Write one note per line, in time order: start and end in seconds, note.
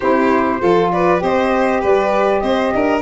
0.00 0.62 C4
0.00 0.59 E4
0.00 0.60 G4
0.00 0.90 C5
0.59 1.22 F3
0.59 1.17 F4
0.59 0.91 A4
0.91 1.22 B4
0.91 1.21 D5
1.17 1.83 C4
1.17 2.99 G4
1.17 1.80 C5
1.17 1.83 D#5
1.80 2.42 G3
1.80 2.41 B4
1.80 2.39 D5
2.39 2.73 C4
2.39 2.73 C5
2.39 3.00 D#5
2.74 3.02 D4
2.74 3.02 A#4